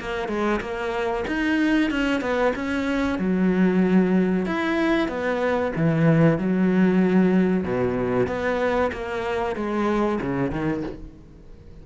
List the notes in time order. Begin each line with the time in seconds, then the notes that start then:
0.00 A#3
0.28 G#3
0.61 A#3
1.28 D#4
1.90 C#4
2.21 B3
2.55 C#4
3.19 F#3
4.46 E4
5.08 B3
5.76 E3
6.38 F#3
7.64 B2
8.27 B3
8.92 A#3
9.56 G#3
10.21 C#3
10.51 D#3